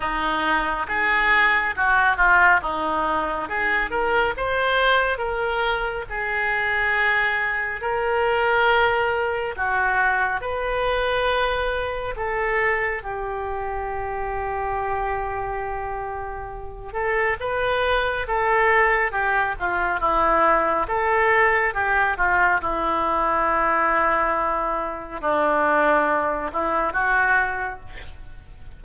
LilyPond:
\new Staff \with { instrumentName = "oboe" } { \time 4/4 \tempo 4 = 69 dis'4 gis'4 fis'8 f'8 dis'4 | gis'8 ais'8 c''4 ais'4 gis'4~ | gis'4 ais'2 fis'4 | b'2 a'4 g'4~ |
g'2.~ g'8 a'8 | b'4 a'4 g'8 f'8 e'4 | a'4 g'8 f'8 e'2~ | e'4 d'4. e'8 fis'4 | }